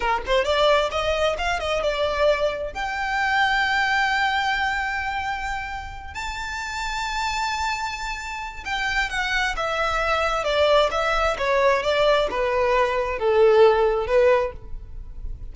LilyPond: \new Staff \with { instrumentName = "violin" } { \time 4/4 \tempo 4 = 132 ais'8 c''8 d''4 dis''4 f''8 dis''8 | d''2 g''2~ | g''1~ | g''4. a''2~ a''8~ |
a''2. g''4 | fis''4 e''2 d''4 | e''4 cis''4 d''4 b'4~ | b'4 a'2 b'4 | }